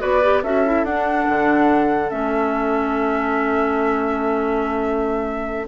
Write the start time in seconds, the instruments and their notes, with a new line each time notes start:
0.00 bassoon B3, clarinet F#4, oboe B4, flute D5
0.23 clarinet G4
0.43 bassoon C#4, clarinet F#4, oboe A4, flute E5
0.66 clarinet E4
0.84 bassoon D4, clarinet D4, flute F#5
1.29 bassoon D3
2.10 bassoon A3, clarinet C#4, flute E5